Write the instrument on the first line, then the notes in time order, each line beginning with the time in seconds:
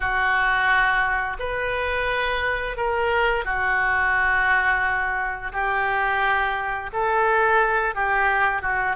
oboe
0.00 F#4
1.39 B4
2.76 A#4
3.45 F#4
5.52 G4
6.92 A4
7.95 G4
8.62 F#4